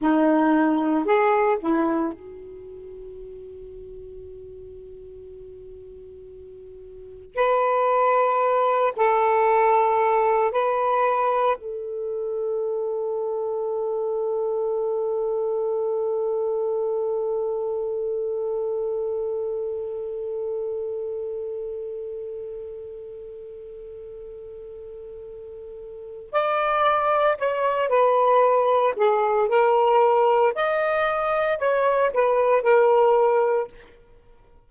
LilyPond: \new Staff \with { instrumentName = "saxophone" } { \time 4/4 \tempo 4 = 57 dis'4 gis'8 e'8 fis'2~ | fis'2. b'4~ | b'8 a'4. b'4 a'4~ | a'1~ |
a'1~ | a'1~ | a'4 d''4 cis''8 b'4 gis'8 | ais'4 dis''4 cis''8 b'8 ais'4 | }